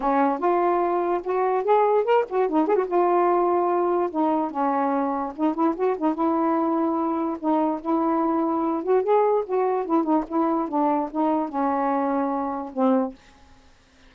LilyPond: \new Staff \with { instrumentName = "saxophone" } { \time 4/4 \tempo 4 = 146 cis'4 f'2 fis'4 | gis'4 ais'8 fis'8 dis'8 gis'16 fis'16 f'4~ | f'2 dis'4 cis'4~ | cis'4 dis'8 e'8 fis'8 dis'8 e'4~ |
e'2 dis'4 e'4~ | e'4. fis'8 gis'4 fis'4 | e'8 dis'8 e'4 d'4 dis'4 | cis'2. c'4 | }